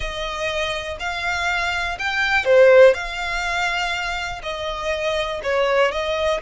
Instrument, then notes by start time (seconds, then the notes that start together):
violin
0.00 D#5
0.99 F5
1.98 G5
2.44 C5
2.94 F5
4.42 D#5
5.43 C#5
5.92 D#5